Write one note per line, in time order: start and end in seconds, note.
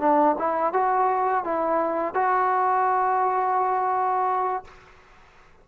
0.00 0.36 D4
0.39 0.73 E4
0.73 1.44 F#4
1.44 2.14 E4
2.14 4.64 F#4